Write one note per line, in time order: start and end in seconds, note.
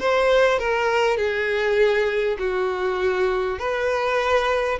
0.00 0.59 C5
0.59 1.18 A#4
1.18 2.38 G#4
2.39 3.59 F#4
3.59 4.79 B4